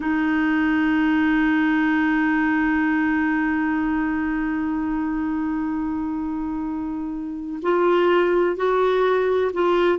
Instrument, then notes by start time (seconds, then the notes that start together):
clarinet
0.00 D#4
7.62 F4
8.56 F#4
9.53 F4